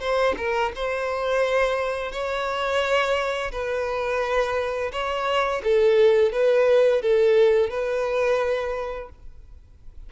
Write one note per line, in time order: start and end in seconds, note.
0.00 0.35 C5
0.37 0.72 A#4
0.75 2.12 C5
2.12 3.51 C#5
3.52 4.91 B4
4.92 5.62 C#5
5.64 6.32 A4
6.32 7.02 B4
7.02 7.70 A4
7.70 9.09 B4